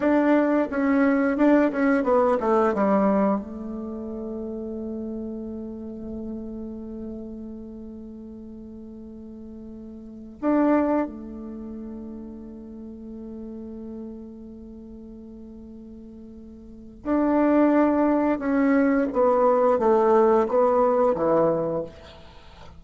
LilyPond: \new Staff \with { instrumentName = "bassoon" } { \time 4/4 \tempo 4 = 88 d'4 cis'4 d'8 cis'8 b8 a8 | g4 a2.~ | a1~ | a2.~ a16 d'8.~ |
d'16 a2.~ a8.~ | a1~ | a4 d'2 cis'4 | b4 a4 b4 e4 | }